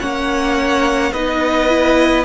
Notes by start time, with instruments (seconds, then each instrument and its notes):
0.00 cello A#3, viola C#4, violin C#5 F#5
1.13 cello B3, viola D#4, violin B4 D#5
1.69 viola E4